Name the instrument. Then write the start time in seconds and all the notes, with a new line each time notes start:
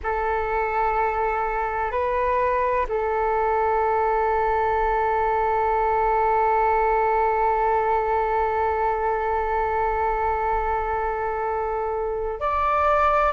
flute
0.03 A4
1.91 B4
2.88 A4
12.40 D5